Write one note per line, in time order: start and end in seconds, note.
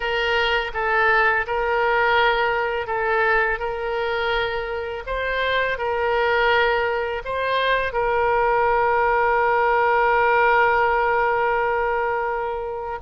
0.00 0.71 A#4
0.73 1.46 A4
1.46 2.87 A#4
2.87 3.59 A4
3.59 5.03 A#4
5.06 5.78 C5
5.78 7.22 A#4
7.25 7.93 C5
7.93 12.99 A#4